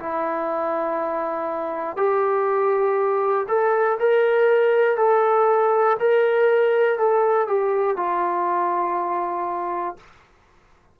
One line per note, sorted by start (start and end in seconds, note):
0.00 1.97 E4
1.97 3.47 G4
3.48 3.98 A4
4.00 4.97 A#4
4.97 5.97 A4
6.00 6.99 A#4
6.99 7.48 A4
7.48 7.97 G4
7.97 9.97 F4